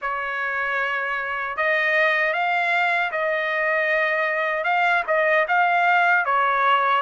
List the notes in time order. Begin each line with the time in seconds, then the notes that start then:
0.01 C#5
1.56 D#5
2.33 F5
3.11 D#5
4.64 F5
5.07 D#5
5.48 F5
6.25 C#5